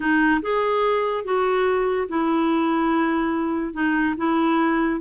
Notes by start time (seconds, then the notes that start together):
0.00 D#4
0.42 G#4
1.24 F#4
2.08 E4
3.73 D#4
4.17 E4